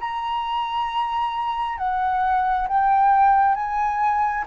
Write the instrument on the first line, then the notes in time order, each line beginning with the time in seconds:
flute
0.00 A#5
1.78 F#5
2.68 G5
3.55 G#5